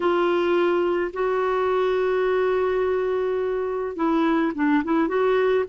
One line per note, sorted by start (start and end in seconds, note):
0.00 1.11 F4
1.13 3.95 F#4
3.95 4.52 E4
4.54 4.83 D4
4.84 5.08 E4
5.08 5.64 F#4